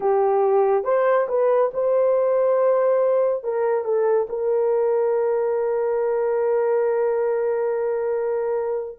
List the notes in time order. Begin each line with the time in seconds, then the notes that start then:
0.00 G4
0.84 C5
1.28 B4
1.73 C5
3.43 A#4
3.84 A4
4.29 A#4